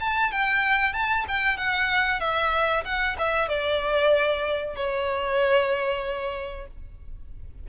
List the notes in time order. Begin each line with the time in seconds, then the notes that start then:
0.00 A5
0.32 G5
0.93 A5
1.28 G5
1.57 F#5
2.20 E5
2.85 F#5
3.19 E5
3.48 D5
4.76 C#5